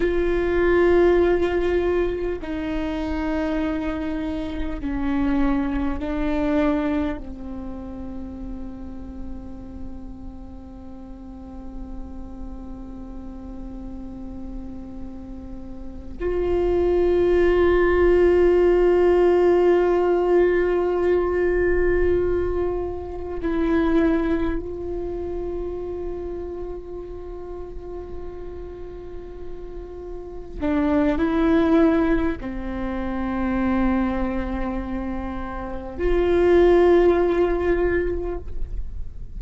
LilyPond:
\new Staff \with { instrumentName = "viola" } { \time 4/4 \tempo 4 = 50 f'2 dis'2 | cis'4 d'4 c'2~ | c'1~ | c'4. f'2~ f'8~ |
f'2.~ f'8 e'8~ | e'8 f'2.~ f'8~ | f'4. d'8 e'4 c'4~ | c'2 f'2 | }